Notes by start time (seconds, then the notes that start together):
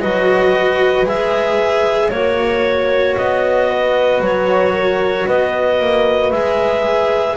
0.00 F#3 F#4 B4 D#5
1.05 G#3 G#4 E5
2.10 A#3 F#4 C#5
3.17 B3 D#5
3.69 B4
4.20 F#3 C#5
4.74 A#4
5.26 B3 B4 D#5
5.80 A#3
6.32 G#3 G#4 E5